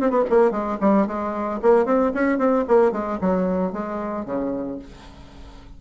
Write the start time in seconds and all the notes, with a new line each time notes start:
0.00 C4
0.10 B3
0.30 A#3
0.51 G#3
0.81 G3
1.07 G#3
1.62 A#3
1.85 C4
2.14 C#4
2.38 C4
2.68 A#3
2.92 G#3
3.21 F#3
3.72 G#3
4.25 C#3